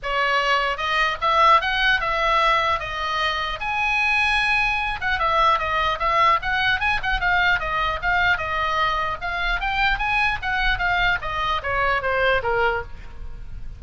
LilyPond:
\new Staff \with { instrumentName = "oboe" } { \time 4/4 \tempo 4 = 150 cis''2 dis''4 e''4 | fis''4 e''2 dis''4~ | dis''4 gis''2.~ | gis''8 fis''8 e''4 dis''4 e''4 |
fis''4 gis''8 fis''8 f''4 dis''4 | f''4 dis''2 f''4 | g''4 gis''4 fis''4 f''4 | dis''4 cis''4 c''4 ais'4 | }